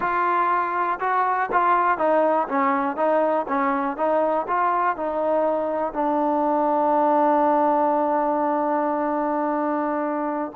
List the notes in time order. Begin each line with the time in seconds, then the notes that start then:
0.00 F4
1.00 F#4
1.51 F4
1.98 D#4
2.48 C#4
2.96 D#4
3.48 C#4
3.96 D#4
4.47 F4
4.96 D#4
5.93 D4